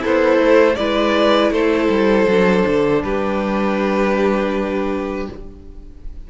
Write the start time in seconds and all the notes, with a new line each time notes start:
0.00 B3 E4 A4 C5
0.39 A3
0.76 G#3 E4 B4 D5
1.51 A3 A4 C5
1.89 G3
2.27 F#3 D4
2.67 D3
3.03 G3 G4 B4